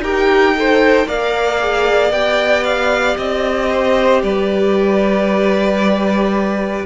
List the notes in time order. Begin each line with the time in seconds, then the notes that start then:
0.00 D#4 G4 A#4 G5
0.56 A4 C5
1.07 A#3 A#4 D5 F5
1.59 G#4
2.11 B3 G4 G5
2.64 F5
3.17 C4 D#5
3.70 C5
4.23 G3 B4 D5